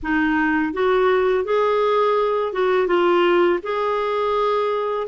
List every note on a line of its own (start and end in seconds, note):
0.02 0.73 D#4
0.73 1.44 F#4
1.44 2.52 G#4
2.52 2.87 F#4
2.87 3.59 F4
3.62 5.07 G#4